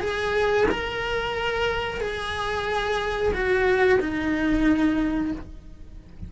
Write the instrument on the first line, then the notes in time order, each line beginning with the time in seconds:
cello
0.00 G#4
0.71 A#4
2.00 G#4
3.33 F#4
4.00 D#4